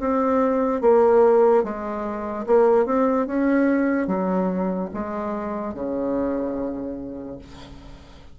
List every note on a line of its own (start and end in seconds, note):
0.00 0.82 C4
0.82 1.64 A#3
1.64 2.46 G#3
2.47 2.86 A#3
2.86 3.27 C4
3.27 4.08 C#4
4.08 4.90 F#3
4.94 5.75 G#3
5.75 7.39 C#3